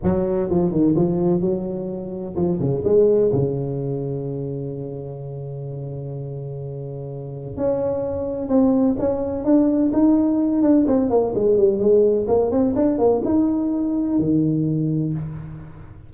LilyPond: \new Staff \with { instrumentName = "tuba" } { \time 4/4 \tempo 4 = 127 fis4 f8 dis8 f4 fis4~ | fis4 f8 cis8 gis4 cis4~ | cis1~ | cis1 |
cis'2 c'4 cis'4 | d'4 dis'4. d'8 c'8 ais8 | gis8 g8 gis4 ais8 c'8 d'8 ais8 | dis'2 dis2 | }